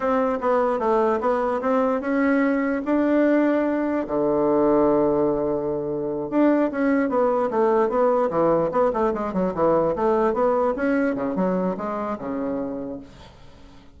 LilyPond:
\new Staff \with { instrumentName = "bassoon" } { \time 4/4 \tempo 4 = 148 c'4 b4 a4 b4 | c'4 cis'2 d'4~ | d'2 d2~ | d2.~ d8 d'8~ |
d'8 cis'4 b4 a4 b8~ | b8 e4 b8 a8 gis8 fis8 e8~ | e8 a4 b4 cis'4 cis8 | fis4 gis4 cis2 | }